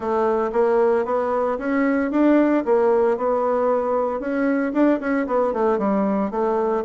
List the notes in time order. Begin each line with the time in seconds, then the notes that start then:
0.00 A3
0.52 A#3
1.05 B3
1.58 C#4
2.11 D4
2.65 A#3
3.17 B3
4.19 C#4
4.73 D4
5.00 C#4
5.26 B3
5.53 A3
5.78 G3
6.30 A3